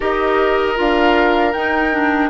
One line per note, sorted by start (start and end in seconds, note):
0.00 0.77 D#4
0.00 0.75 G4
0.00 2.29 A#4
0.00 0.79 D#5
0.75 1.54 D4
0.75 1.52 F4
0.75 1.53 F5
1.53 1.92 D#4
1.53 2.29 D#4
1.53 2.29 G5
1.92 2.29 D4